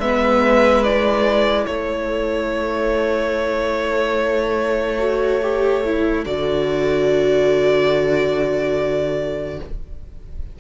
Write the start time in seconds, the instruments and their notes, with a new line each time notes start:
0.00 cello G#3, viola B3, violin B4 E5
0.84 viola E4, violin D5
1.66 cello A3, violin A4 C#5
5.00 viola F#4
5.43 viola G4
5.85 viola E4
6.26 cello D3, viola F#4, violin D5